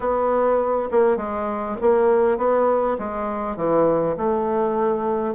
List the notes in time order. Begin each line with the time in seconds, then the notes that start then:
0.00 B3
0.91 A#3
1.17 G#3
1.81 A#3
2.37 B3
2.98 G#3
3.56 E3
4.17 A3